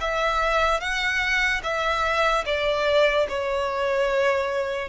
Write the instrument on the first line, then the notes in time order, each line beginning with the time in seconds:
violin
0.00 E5
0.80 F#5
1.63 E5
2.45 D5
3.29 C#5